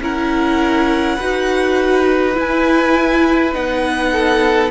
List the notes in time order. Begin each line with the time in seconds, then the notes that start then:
0.00 C#4 E4 A#4 F#5
1.15 D#4 F#4 B4
2.35 E4 G#5
3.53 B3 D#4 F#5
4.12 A4